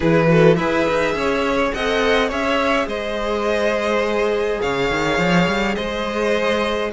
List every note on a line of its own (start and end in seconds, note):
0.00 0.59 E3
0.00 0.27 E4
0.00 0.27 G#4
0.00 0.55 B4
0.27 0.56 F#4
0.27 0.57 A4
0.55 0.88 E4
0.55 1.75 G#4
0.55 1.14 B4
0.55 1.70 E5
0.89 1.14 D#4
1.14 1.72 C#4
1.14 1.74 C#5
1.72 2.31 C4
1.72 2.30 A4
1.72 2.28 D#5
1.72 2.30 F#5
2.28 2.86 C#4
2.28 6.91 G#4
2.28 2.86 C#5
2.28 2.88 E5
2.86 4.59 G#3
2.86 4.61 C5
2.86 4.61 D#5
4.61 4.90 C#3
4.61 5.75 C#5
4.61 5.75 F5
4.90 5.18 D#3
5.18 5.47 F3
5.47 5.76 G3
5.75 6.93 G#3
5.75 6.91 C5
5.75 6.90 D#5